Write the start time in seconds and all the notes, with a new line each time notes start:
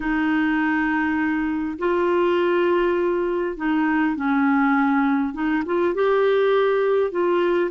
0.00 D#4
1.78 F4
3.56 D#4
4.15 C#4
5.33 D#4
5.65 F4
5.94 G4
7.11 F4